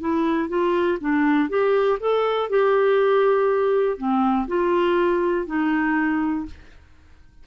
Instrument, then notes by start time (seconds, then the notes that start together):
clarinet
0.00 E4
0.49 F4
1.00 D4
1.49 G4
2.00 A4
2.50 G4
3.98 C4
4.48 F4
5.46 D#4